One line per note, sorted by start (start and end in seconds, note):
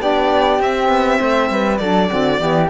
0.00 0.60 B3
0.00 0.60 D4
0.00 1.20 G4
0.00 0.61 D5
0.60 0.89 C4
0.60 1.80 C4
0.60 1.78 E5
0.89 1.19 B3
1.20 1.50 A3
1.20 1.50 C5
1.50 1.80 G3
1.50 1.80 B4
1.78 2.10 F#3
1.78 2.10 D4
1.78 2.09 A4
1.78 2.68 D5
2.09 2.40 D3
2.09 2.38 C4
2.09 2.39 F#4
2.38 2.70 E3
2.38 2.68 B3
2.38 2.70 G4